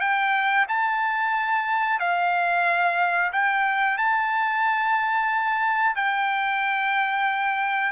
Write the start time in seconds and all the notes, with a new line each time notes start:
0.00 G5
0.68 A5
2.00 F5
3.32 G5
3.98 A5
5.95 G5